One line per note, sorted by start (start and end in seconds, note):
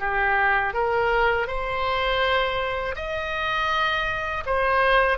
0.00 0.74 G4
0.74 1.47 A#4
1.47 2.96 C5
2.96 4.44 D#5
4.46 5.18 C5